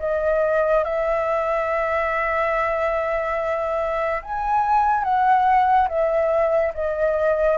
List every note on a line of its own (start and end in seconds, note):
0.00 0.85 D#5
0.85 4.23 E5
4.23 5.04 G#5
5.04 5.88 F#5
5.89 6.73 E5
6.75 7.58 D#5